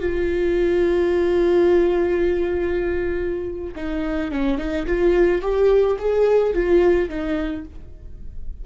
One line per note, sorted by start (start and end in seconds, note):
0.00 3.75 F4
3.76 4.32 D#4
4.32 4.59 C#4
4.59 4.86 D#4
4.87 5.42 F4
5.42 5.97 G4
5.99 6.54 G#4
6.54 7.10 F4
7.10 7.65 D#4